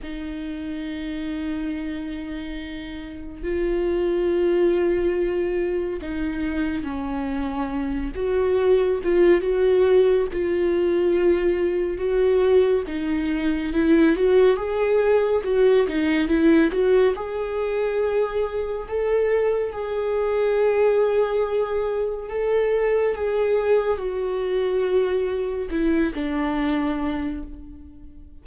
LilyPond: \new Staff \with { instrumentName = "viola" } { \time 4/4 \tempo 4 = 70 dis'1 | f'2. dis'4 | cis'4. fis'4 f'8 fis'4 | f'2 fis'4 dis'4 |
e'8 fis'8 gis'4 fis'8 dis'8 e'8 fis'8 | gis'2 a'4 gis'4~ | gis'2 a'4 gis'4 | fis'2 e'8 d'4. | }